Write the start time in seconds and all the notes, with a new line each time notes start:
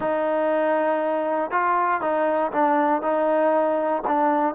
0.00 D#4
1.50 F4
2.01 D#4
2.52 D4
3.02 D#4
4.07 D4